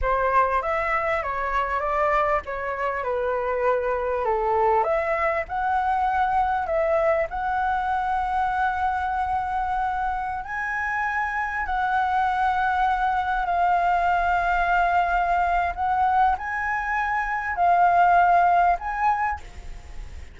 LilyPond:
\new Staff \with { instrumentName = "flute" } { \time 4/4 \tempo 4 = 99 c''4 e''4 cis''4 d''4 | cis''4 b'2 a'4 | e''4 fis''2 e''4 | fis''1~ |
fis''4~ fis''16 gis''2 fis''8.~ | fis''2~ fis''16 f''4.~ f''16~ | f''2 fis''4 gis''4~ | gis''4 f''2 gis''4 | }